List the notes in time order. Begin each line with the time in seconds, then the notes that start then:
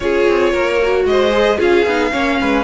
0.00 C#4 F4 G#4 C#5
0.27 C4
0.52 A#3 A#4
0.82 F#4
1.04 G#3 C5 D#5
1.31 G#4
1.57 C#4 F4 G#4 F5
1.86 B3 D#4
2.11 A#3 C#4 C#5
2.40 G#3 B4